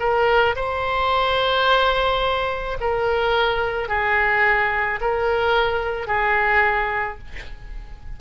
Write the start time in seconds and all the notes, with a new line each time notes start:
0.00 A#4
0.56 C5
2.80 A#4
3.89 G#4
5.01 A#4
6.08 G#4